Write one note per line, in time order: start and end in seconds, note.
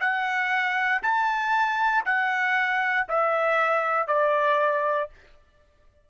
0.00 1.02 F#5
1.02 2.04 A5
2.05 3.06 F#5
3.08 4.07 E5
4.07 5.09 D5